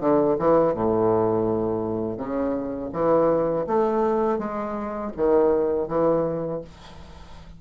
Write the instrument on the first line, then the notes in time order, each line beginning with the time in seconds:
bassoon
0.00 D3
0.39 E3
0.74 A2
2.17 C#3
2.93 E3
3.67 A3
4.39 G#3
5.16 D#3
5.88 E3